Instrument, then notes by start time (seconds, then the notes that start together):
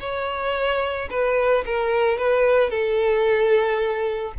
violin
0.00 C#5
1.10 B4
1.66 A#4
2.18 B4
2.70 A4